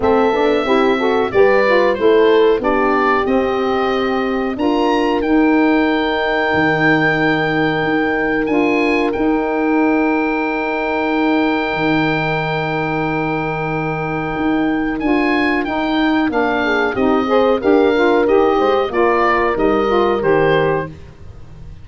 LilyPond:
<<
  \new Staff \with { instrumentName = "oboe" } { \time 4/4 \tempo 4 = 92 e''2 d''4 c''4 | d''4 dis''2 ais''4 | g''1~ | g''4 gis''4 g''2~ |
g''1~ | g''2. gis''4 | g''4 f''4 dis''4 f''4 | dis''4 d''4 dis''4 c''4 | }
  \new Staff \with { instrumentName = "horn" } { \time 4/4 a'4 g'8 a'8 b'4 a'4 | g'2. ais'4~ | ais'1~ | ais'1~ |
ais'1~ | ais'1~ | ais'4. gis'8 g'8 c''8 ais'4~ | ais'8 c''8 ais'2. | }
  \new Staff \with { instrumentName = "saxophone" } { \time 4/4 c'8 d'8 e'8 fis'8 g'8 f'8 e'4 | d'4 c'2 f'4 | dis'1~ | dis'4 f'4 dis'2~ |
dis'1~ | dis'2. f'4 | dis'4 d'4 dis'8 gis'8 g'8 f'8 | g'4 f'4 dis'8 f'8 g'4 | }
  \new Staff \with { instrumentName = "tuba" } { \time 4/4 a8 b8 c'4 g4 a4 | b4 c'2 d'4 | dis'2 dis2 | dis'4 d'4 dis'2~ |
dis'2 dis2~ | dis2 dis'4 d'4 | dis'4 ais4 c'4 d'4 | dis'8 gis8 ais4 g4 dis4 | }
>>